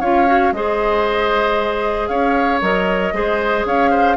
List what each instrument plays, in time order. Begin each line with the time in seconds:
0.00 bassoon C#4, clarinet F4, oboe C#5, flute F5
0.26 clarinet F#4
0.52 bassoon G#3, clarinet G#4, oboe C5, flute D#5
2.07 bassoon C#4, oboe C#5, flute F5
2.61 bassoon F#3, clarinet A#4, flute D#5
3.12 bassoon G#3, clarinet G#4, oboe C5
3.65 bassoon C#4, oboe C#5, flute F5
3.90 oboe C5